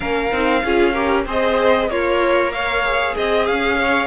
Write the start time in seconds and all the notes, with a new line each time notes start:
0.00 A#3 C#4 A#4 F5
0.31 C4 D#4
0.63 C#4 F4 G#4
0.92 G4 A#4
1.25 C4 G#4 C5 D#5
1.88 A#3 F4 A#4 C#5
2.52 C#5 F5
2.84 G#4
3.14 C4 G#4 D#5
3.46 C#4 F5
3.77 C#5